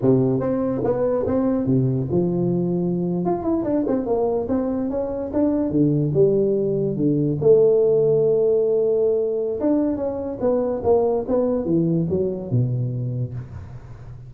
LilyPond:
\new Staff \with { instrumentName = "tuba" } { \time 4/4 \tempo 4 = 144 c4 c'4 b4 c'4 | c4 f2~ f8. f'16~ | f'16 e'8 d'8 c'8 ais4 c'4 cis'16~ | cis'8. d'4 d4 g4~ g16~ |
g8. d4 a2~ a16~ | a2. d'4 | cis'4 b4 ais4 b4 | e4 fis4 b,2 | }